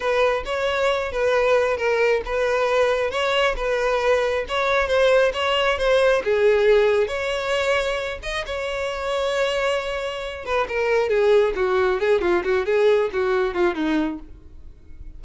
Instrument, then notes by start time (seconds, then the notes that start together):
violin
0.00 B4
0.45 C#5
1.12 B4
1.77 A#4
2.25 B4
3.10 C#5
3.56 B4
4.48 C#5
4.87 C5
5.33 C#5
5.78 C5
6.23 G#4
7.07 C#5
8.22 D#5
8.46 C#5
10.45 B4
10.68 A#4
11.09 G#4
11.55 F#4
11.99 G#4
12.21 F4
12.43 F#4
12.65 G#4
13.12 F#4
13.54 F4
13.74 D#4